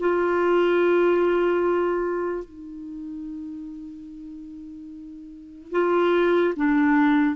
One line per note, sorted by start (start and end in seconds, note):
0.00 2.45 F4
2.45 5.72 D#4
5.72 6.54 F4
6.56 7.36 D4